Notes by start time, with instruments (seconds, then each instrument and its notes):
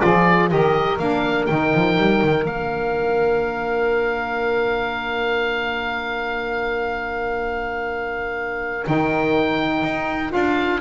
0.00 double bass F3, saxophone F4 G#4, oboe D5
0.49 double bass D#3, saxophone G4 A#4, oboe D#5
0.99 double bass A#3, saxophone D4, oboe F5
1.46 double bass D#3, saxophone D#4, oboe G5
1.74 double bass F3
1.98 double bass G3
2.22 double bass D#3
2.45 double bass A#3, saxophone D4, oboe F5
8.86 double bass D#3, saxophone D#4, oboe G5
9.83 double bass D#4
10.30 double bass D4, saxophone F4, oboe F5